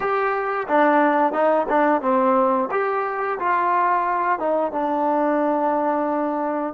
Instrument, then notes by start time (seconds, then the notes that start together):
trombone
0.00 G4
0.67 D4
1.32 D#4
1.69 D4
2.01 C4
2.71 G4
3.39 F4
4.39 D#4
4.72 D4